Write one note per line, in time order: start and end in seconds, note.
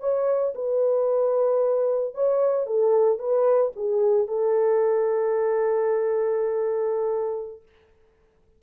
0.00 0.54 C#5
0.55 2.14 B4
2.14 2.66 C#5
2.66 3.19 A4
3.19 3.72 B4
3.76 4.28 G#4
4.28 7.63 A4